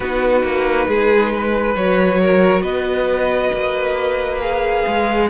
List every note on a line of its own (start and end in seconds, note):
0.00 0.43 B3
0.00 1.76 D#4
0.00 0.88 F#4
0.00 1.75 B4
0.43 0.87 A#3
0.87 1.75 G#3
0.87 1.32 G#4
1.32 2.21 B4
1.75 2.62 F#3
1.75 4.40 F#4
1.75 2.62 C#5
2.21 2.62 A#4
2.62 3.50 B3
2.62 5.27 B4
2.62 4.38 D#5
3.53 4.85 A#3
4.40 5.28 G#4
4.40 5.29 F5
4.86 5.29 G#3